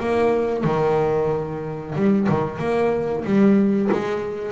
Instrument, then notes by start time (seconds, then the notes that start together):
double bass
0.00 A#3
0.65 D#3
1.96 G3
2.29 D#3
2.59 A#3
3.25 G3
3.92 G#3